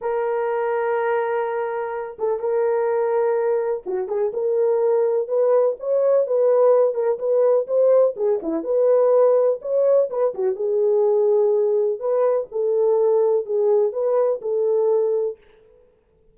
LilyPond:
\new Staff \with { instrumentName = "horn" } { \time 4/4 \tempo 4 = 125 ais'1~ | ais'8 a'8 ais'2. | fis'8 gis'8 ais'2 b'4 | cis''4 b'4. ais'8 b'4 |
c''4 gis'8 e'8 b'2 | cis''4 b'8 fis'8 gis'2~ | gis'4 b'4 a'2 | gis'4 b'4 a'2 | }